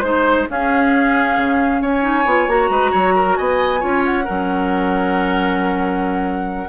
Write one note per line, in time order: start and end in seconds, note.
0.00 0.47 G#3
0.00 0.47 D#4
0.00 0.44 C5
0.00 0.49 C5
0.49 1.37 C#4
0.49 2.01 C#4
0.49 1.81 G#4
0.49 1.84 F5
1.37 1.81 C#3
1.81 2.25 C#4
1.81 2.70 C#5
1.81 2.49 G#5
2.01 2.23 D#4
2.25 2.47 B3
2.25 2.48 F4
2.47 2.69 A#3
2.47 3.79 F#4
2.47 3.36 A#5
2.69 2.92 G#3
2.69 2.91 B4
2.91 3.38 F#3
2.91 3.13 C#5
3.15 3.37 A#4
3.36 3.83 B3
3.36 3.80 D#5
3.36 4.03 G#5
3.79 4.27 C#4
3.79 4.24 F4
3.79 4.24 C#5
4.05 6.69 F#5
4.24 6.69 F#3
4.24 6.69 C#4
4.24 6.69 A#4